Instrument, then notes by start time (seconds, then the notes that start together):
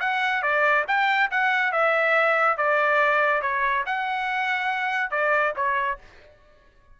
trumpet
0.00 F#5
0.42 D5
0.87 G5
1.31 F#5
1.72 E5
2.57 D5
3.42 C#5
3.86 F#5
5.11 D5
5.56 C#5